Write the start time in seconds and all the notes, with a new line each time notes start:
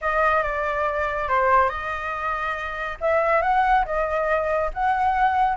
0.01 D#5
0.43 D5
1.28 C5
1.69 D#5
3.01 E5
3.42 F#5
3.85 D#5
4.73 F#5